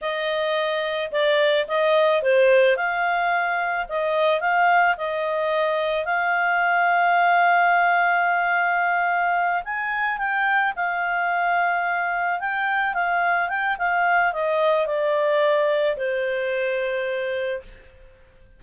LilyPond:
\new Staff \with { instrumentName = "clarinet" } { \time 4/4 \tempo 4 = 109 dis''2 d''4 dis''4 | c''4 f''2 dis''4 | f''4 dis''2 f''4~ | f''1~ |
f''4. gis''4 g''4 f''8~ | f''2~ f''8 g''4 f''8~ | f''8 g''8 f''4 dis''4 d''4~ | d''4 c''2. | }